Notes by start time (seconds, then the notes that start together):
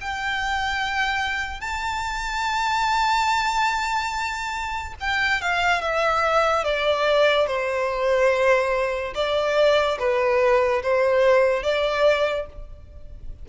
0.00 G5
1.60 A5
5.00 G5
5.41 F5
5.81 E5
6.64 D5
7.47 C5
9.14 D5
9.98 B4
10.83 C5
11.62 D5